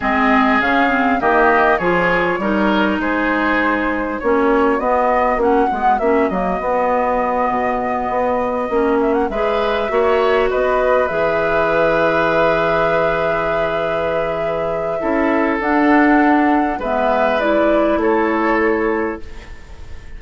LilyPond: <<
  \new Staff \with { instrumentName = "flute" } { \time 4/4 \tempo 4 = 100 dis''4 f''4 dis''4 cis''4~ | cis''4 c''2 cis''4 | dis''4 fis''4 e''8 dis''4.~ | dis''2. e''16 fis''16 e''8~ |
e''4. dis''4 e''4.~ | e''1~ | e''2 fis''2 | e''4 d''4 cis''2 | }
  \new Staff \with { instrumentName = "oboe" } { \time 4/4 gis'2 g'4 gis'4 | ais'4 gis'2 fis'4~ | fis'1~ | fis'2.~ fis'8 b'8~ |
b'8 cis''4 b'2~ b'8~ | b'1~ | b'4 a'2. | b'2 a'2 | }
  \new Staff \with { instrumentName = "clarinet" } { \time 4/4 c'4 cis'8 c'8 ais4 f'4 | dis'2. cis'4 | b4 cis'8 b8 cis'8 ais8 b4~ | b2~ b8 cis'4 gis'8~ |
gis'8 fis'2 gis'4.~ | gis'1~ | gis'4 e'4 d'2 | b4 e'2. | }
  \new Staff \with { instrumentName = "bassoon" } { \time 4/4 gis4 cis4 dis4 f4 | g4 gis2 ais4 | b4 ais8 gis8 ais8 fis8 b4~ | b8 b,4 b4 ais4 gis8~ |
gis8 ais4 b4 e4.~ | e1~ | e4 cis'4 d'2 | gis2 a2 | }
>>